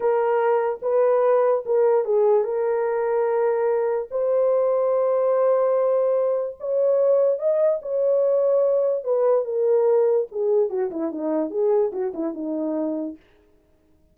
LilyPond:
\new Staff \with { instrumentName = "horn" } { \time 4/4 \tempo 4 = 146 ais'2 b'2 | ais'4 gis'4 ais'2~ | ais'2 c''2~ | c''1 |
cis''2 dis''4 cis''4~ | cis''2 b'4 ais'4~ | ais'4 gis'4 fis'8 e'8 dis'4 | gis'4 fis'8 e'8 dis'2 | }